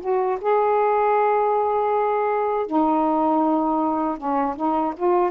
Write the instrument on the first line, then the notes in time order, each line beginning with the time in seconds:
saxophone
0.00 F#4
0.40 G#4
2.66 D#4
4.17 C#4
4.55 D#4
4.96 F4